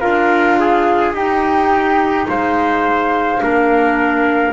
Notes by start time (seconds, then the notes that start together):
0.00 D4 F4 A#4 F5
0.60 G#4
1.14 D#4 G4 G5
2.29 G#3 C5 F5
3.40 A#3 D4 A#4